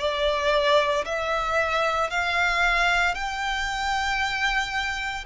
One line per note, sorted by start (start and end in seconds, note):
0.00 1.05 D5
1.05 2.11 E5
2.11 3.15 F5
3.15 5.25 G5